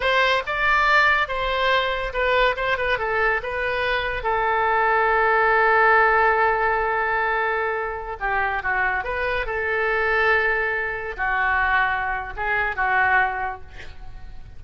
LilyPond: \new Staff \with { instrumentName = "oboe" } { \time 4/4 \tempo 4 = 141 c''4 d''2 c''4~ | c''4 b'4 c''8 b'8 a'4 | b'2 a'2~ | a'1~ |
a'2.~ a'16 g'8.~ | g'16 fis'4 b'4 a'4.~ a'16~ | a'2~ a'16 fis'4.~ fis'16~ | fis'4 gis'4 fis'2 | }